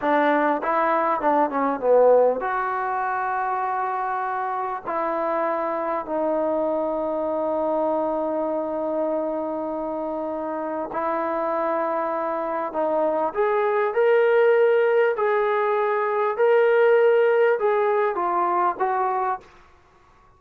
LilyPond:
\new Staff \with { instrumentName = "trombone" } { \time 4/4 \tempo 4 = 99 d'4 e'4 d'8 cis'8 b4 | fis'1 | e'2 dis'2~ | dis'1~ |
dis'2 e'2~ | e'4 dis'4 gis'4 ais'4~ | ais'4 gis'2 ais'4~ | ais'4 gis'4 f'4 fis'4 | }